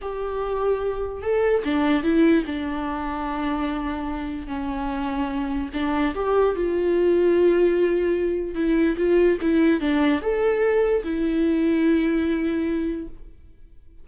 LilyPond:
\new Staff \with { instrumentName = "viola" } { \time 4/4 \tempo 4 = 147 g'2. a'4 | d'4 e'4 d'2~ | d'2. cis'4~ | cis'2 d'4 g'4 |
f'1~ | f'4 e'4 f'4 e'4 | d'4 a'2 e'4~ | e'1 | }